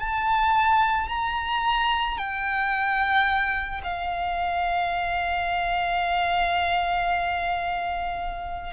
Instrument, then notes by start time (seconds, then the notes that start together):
violin
0.00 A5
1.09 A#5
2.18 G5
3.84 F5